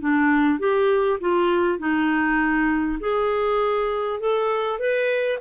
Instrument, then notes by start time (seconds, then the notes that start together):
clarinet
0.00 D4
0.59 G4
1.20 F4
1.78 D#4
2.99 G#4
4.19 A4
4.79 B4